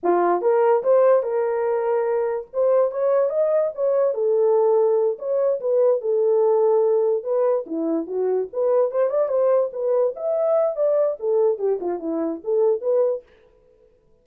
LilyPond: \new Staff \with { instrumentName = "horn" } { \time 4/4 \tempo 4 = 145 f'4 ais'4 c''4 ais'4~ | ais'2 c''4 cis''4 | dis''4 cis''4 a'2~ | a'8 cis''4 b'4 a'4.~ |
a'4. b'4 e'4 fis'8~ | fis'8 b'4 c''8 d''8 c''4 b'8~ | b'8 e''4. d''4 a'4 | g'8 f'8 e'4 a'4 b'4 | }